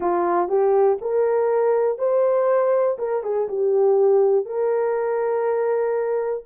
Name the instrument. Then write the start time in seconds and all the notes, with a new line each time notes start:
horn
0.00 F4
0.48 G4
1.01 A#4
1.98 C5
2.98 A#4
3.23 G#4
3.48 G4
4.45 A#4